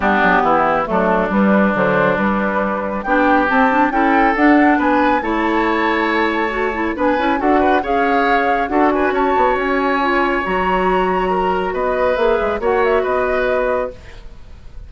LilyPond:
<<
  \new Staff \with { instrumentName = "flute" } { \time 4/4 \tempo 4 = 138 g'2 a'4 b'4 | c''4 b'2 g''4 | a''4 g''4 fis''4 gis''4 | a''1 |
gis''4 fis''4 f''2 | fis''8 gis''8 a''4 gis''2 | ais''2. dis''4 | e''4 fis''8 e''8 dis''2 | }
  \new Staff \with { instrumentName = "oboe" } { \time 4/4 d'4 e'4 d'2~ | d'2. g'4~ | g'4 a'2 b'4 | cis''1 |
b'4 a'8 b'8 cis''2 | a'8 b'8 cis''2.~ | cis''2 ais'4 b'4~ | b'4 cis''4 b'2 | }
  \new Staff \with { instrumentName = "clarinet" } { \time 4/4 b2 a4 g4 | d4 g2 d'4 | c'8 d'8 e'4 d'2 | e'2. fis'8 e'8 |
d'8 e'8 fis'4 gis'2 | fis'2. f'4 | fis'1 | gis'4 fis'2. | }
  \new Staff \with { instrumentName = "bassoon" } { \time 4/4 g8 fis8 e4 fis4 g4 | fis4 g2 b4 | c'4 cis'4 d'4 b4 | a1 |
b8 cis'8 d'4 cis'2 | d'4 cis'8 b8 cis'2 | fis2. b4 | ais8 gis8 ais4 b2 | }
>>